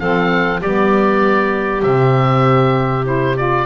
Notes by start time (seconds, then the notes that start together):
0.00 F3 C4 A4 F5
0.61 G3 B3 G4 D5
1.83 C3 C4 E5
3.05 E4 C5
3.37 F4 D5